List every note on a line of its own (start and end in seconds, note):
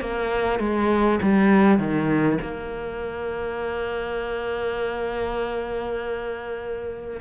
0.00 0.59 A#3
0.59 1.19 G#3
1.22 1.78 G3
1.78 2.38 D#3
2.41 7.21 A#3